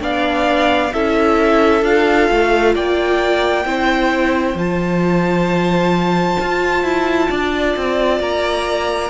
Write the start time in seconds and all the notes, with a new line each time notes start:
0.00 B3 D4 D5 F5
0.93 C#4 E4 A4 E5
1.82 D4 F4 F5
2.32 A3
2.75 A#3 D5 G5
3.65 C4 E4 C5
4.55 F3 F4 A5
6.41 F4
6.83 E4
7.30 D4 D5
7.77 C4
8.20 A#3 A#5